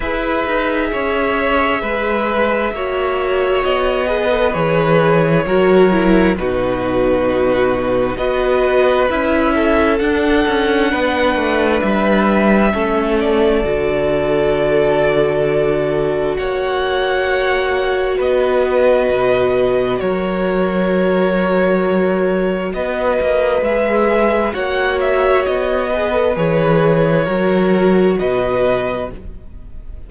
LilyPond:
<<
  \new Staff \with { instrumentName = "violin" } { \time 4/4 \tempo 4 = 66 e''1 | dis''4 cis''2 b'4~ | b'4 dis''4 e''4 fis''4~ | fis''4 e''4. d''4.~ |
d''2 fis''2 | dis''2 cis''2~ | cis''4 dis''4 e''4 fis''8 e''8 | dis''4 cis''2 dis''4 | }
  \new Staff \with { instrumentName = "violin" } { \time 4/4 b'4 cis''4 b'4 cis''4~ | cis''8 b'4. ais'4 fis'4~ | fis'4 b'4. a'4. | b'2 a'2~ |
a'2 cis''2 | b'2 ais'2~ | ais'4 b'2 cis''4~ | cis''8 b'4. ais'4 b'4 | }
  \new Staff \with { instrumentName = "viola" } { \time 4/4 gis'2. fis'4~ | fis'8 gis'16 a'16 gis'4 fis'8 e'8 dis'4~ | dis'4 fis'4 e'4 d'4~ | d'2 cis'4 fis'4~ |
fis'1~ | fis'1~ | fis'2 gis'4 fis'4~ | fis'8 gis'16 a'16 gis'4 fis'2 | }
  \new Staff \with { instrumentName = "cello" } { \time 4/4 e'8 dis'8 cis'4 gis4 ais4 | b4 e4 fis4 b,4~ | b,4 b4 cis'4 d'8 cis'8 | b8 a8 g4 a4 d4~ |
d2 ais2 | b4 b,4 fis2~ | fis4 b8 ais8 gis4 ais4 | b4 e4 fis4 b,4 | }
>>